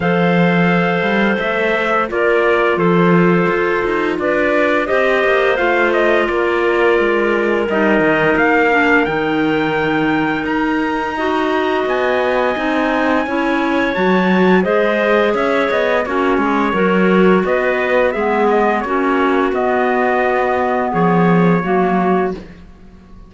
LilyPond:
<<
  \new Staff \with { instrumentName = "trumpet" } { \time 4/4 \tempo 4 = 86 f''2 e''4 d''4 | c''2 d''4 dis''4 | f''8 dis''8 d''2 dis''4 | f''4 g''2 ais''4~ |
ais''4 gis''2. | a''4 dis''4 e''8 dis''8 cis''4~ | cis''4 dis''4 e''8 dis''8 cis''4 | dis''2 cis''2 | }
  \new Staff \with { instrumentName = "clarinet" } { \time 4/4 c''2. ais'4 | a'2 b'4 c''4~ | c''4 ais'2.~ | ais'1 |
dis''2. cis''4~ | cis''4 c''4 cis''4 fis'8 gis'8 | ais'4 b'4 gis'4 fis'4~ | fis'2 gis'4 fis'4 | }
  \new Staff \with { instrumentName = "clarinet" } { \time 4/4 a'2. f'4~ | f'2. g'4 | f'2. dis'4~ | dis'8 d'8 dis'2. |
fis'2 dis'4 e'4 | fis'4 gis'2 cis'4 | fis'2 b4 cis'4 | b2. ais4 | }
  \new Staff \with { instrumentName = "cello" } { \time 4/4 f4. g8 a4 ais4 | f4 f'8 dis'8 d'4 c'8 ais8 | a4 ais4 gis4 g8 dis8 | ais4 dis2 dis'4~ |
dis'4 b4 c'4 cis'4 | fis4 gis4 cis'8 b8 ais8 gis8 | fis4 b4 gis4 ais4 | b2 f4 fis4 | }
>>